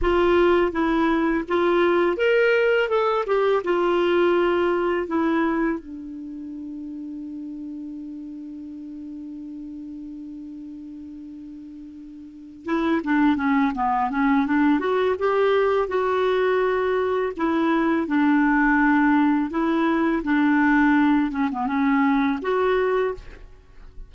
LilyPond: \new Staff \with { instrumentName = "clarinet" } { \time 4/4 \tempo 4 = 83 f'4 e'4 f'4 ais'4 | a'8 g'8 f'2 e'4 | d'1~ | d'1~ |
d'4. e'8 d'8 cis'8 b8 cis'8 | d'8 fis'8 g'4 fis'2 | e'4 d'2 e'4 | d'4. cis'16 b16 cis'4 fis'4 | }